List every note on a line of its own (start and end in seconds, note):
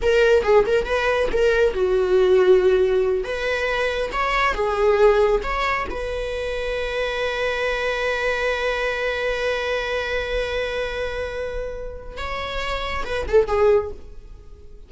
0.02 0.43 A#4
0.43 0.64 G#4
0.66 0.85 A#4
0.85 1.28 B4
1.32 1.73 A#4
1.73 3.24 F#4
3.24 4.10 B4
4.12 4.54 C#5
4.54 5.41 G#4
5.43 5.86 C#5
5.89 12.17 B4
12.17 13.04 C#5
13.04 13.26 B4
13.27 13.47 A4
13.47 13.90 G#4